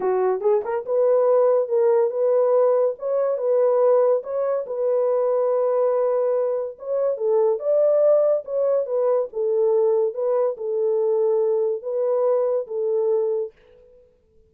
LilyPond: \new Staff \with { instrumentName = "horn" } { \time 4/4 \tempo 4 = 142 fis'4 gis'8 ais'8 b'2 | ais'4 b'2 cis''4 | b'2 cis''4 b'4~ | b'1 |
cis''4 a'4 d''2 | cis''4 b'4 a'2 | b'4 a'2. | b'2 a'2 | }